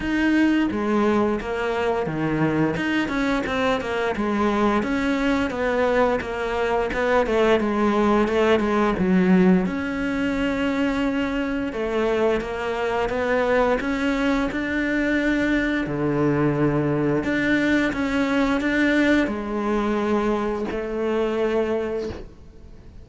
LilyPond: \new Staff \with { instrumentName = "cello" } { \time 4/4 \tempo 4 = 87 dis'4 gis4 ais4 dis4 | dis'8 cis'8 c'8 ais8 gis4 cis'4 | b4 ais4 b8 a8 gis4 | a8 gis8 fis4 cis'2~ |
cis'4 a4 ais4 b4 | cis'4 d'2 d4~ | d4 d'4 cis'4 d'4 | gis2 a2 | }